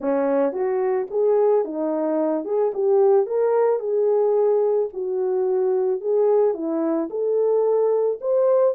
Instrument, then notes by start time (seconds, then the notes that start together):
horn
0.00 C#4
0.52 F#4
1.10 G#4
1.64 D#4
2.44 G#4
2.73 G4
3.26 A#4
3.79 G#4
4.93 F#4
6.00 G#4
6.54 E4
7.10 A4
8.20 C5